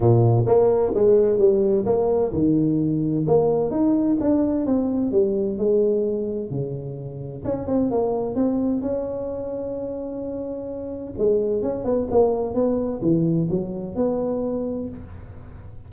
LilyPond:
\new Staff \with { instrumentName = "tuba" } { \time 4/4 \tempo 4 = 129 ais,4 ais4 gis4 g4 | ais4 dis2 ais4 | dis'4 d'4 c'4 g4 | gis2 cis2 |
cis'8 c'8 ais4 c'4 cis'4~ | cis'1 | gis4 cis'8 b8 ais4 b4 | e4 fis4 b2 | }